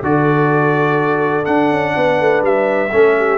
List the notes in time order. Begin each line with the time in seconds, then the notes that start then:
0.00 D3 F#4 A4 D5
1.44 D4 F#5
1.71 C#4
1.95 B3 B4
2.20 A3
2.42 G3 E5
2.91 A3 C#4 A4
3.17 G4